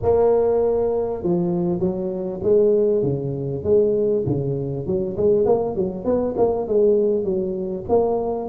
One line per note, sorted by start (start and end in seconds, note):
0.02 1.23 A#3
1.23 1.79 F3
1.79 2.40 F#3
2.42 3.02 G#3
3.02 3.63 C#3
3.63 4.24 G#3
4.26 4.86 C#3
4.86 5.16 F#3
5.17 5.45 G#3
5.45 5.75 A#3
5.75 6.04 F#3
6.04 6.35 B3
6.37 6.67 A#3
6.67 7.24 G#3
7.24 7.85 F#3
7.88 8.49 A#3